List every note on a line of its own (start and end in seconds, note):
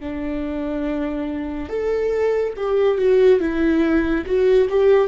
0.00 1.69 D4
1.69 2.54 A4
2.57 2.98 G4
2.98 3.40 F#4
3.40 4.24 E4
4.26 4.68 F#4
4.70 5.07 G4